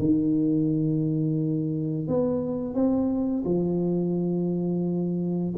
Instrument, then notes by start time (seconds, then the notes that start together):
tuba
0.00 D#3
2.08 B3
2.75 C4
3.46 F3